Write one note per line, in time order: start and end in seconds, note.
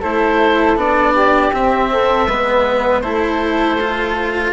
0.00 0.75 A3
0.00 0.76 E4
0.00 1.12 A4
0.00 0.77 C5
0.75 1.50 B3
0.75 1.51 D4
0.75 1.53 D5
1.14 1.89 G4
1.52 2.27 C4
1.52 2.28 C4
1.52 3.00 E5
1.92 2.27 A4
2.27 3.02 G#3
2.27 3.03 B3
2.27 3.03 B4
3.00 4.52 A3
3.00 3.78 E4
3.00 4.52 A4
3.00 4.50 C5
3.80 4.52 F4